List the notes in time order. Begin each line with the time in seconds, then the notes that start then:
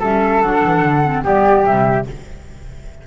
0.00 G3 C#4 A4 E5
0.41 F#3 D4 F#5
0.64 E3
0.82 D3
1.04 C4
1.23 G3 B3 G4 D5
1.65 C3 G3 E5